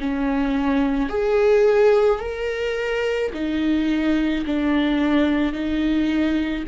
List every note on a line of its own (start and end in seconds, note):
0.00 1.10 C#4
1.10 2.20 G#4
2.20 3.31 A#4
3.34 4.45 D#4
4.46 5.53 D4
5.53 6.64 D#4